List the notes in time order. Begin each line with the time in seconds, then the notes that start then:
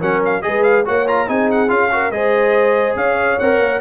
0.00 F#3 C#4 A#4 F#5
0.25 F5
0.42 G#3 G#4 B4 D#5
0.63 F5
0.86 A#3 F#4 C#5 F#5
1.08 F4 A#5
1.27 C4 D#4 G#4 G#5
1.52 F#5
1.69 C#4 F4 F5
1.92 F#4 A#4
2.11 G#3 G#4 C5 D#5
2.96 C#4 C#5 F5
3.40 C4 A#4 F#5
3.59 A#3